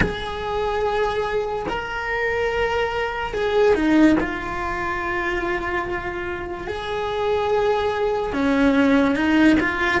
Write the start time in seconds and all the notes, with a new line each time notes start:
0.00 G#4
1.69 A#4
3.33 G#4
3.74 D#4
4.19 F4
6.67 G#4
8.32 C#4
9.15 D#4
9.60 F4